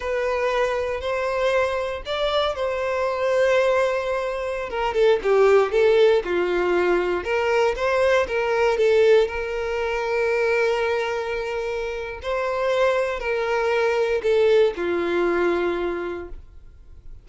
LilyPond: \new Staff \with { instrumentName = "violin" } { \time 4/4 \tempo 4 = 118 b'2 c''2 | d''4 c''2.~ | c''4~ c''16 ais'8 a'8 g'4 a'8.~ | a'16 f'2 ais'4 c''8.~ |
c''16 ais'4 a'4 ais'4.~ ais'16~ | ais'1 | c''2 ais'2 | a'4 f'2. | }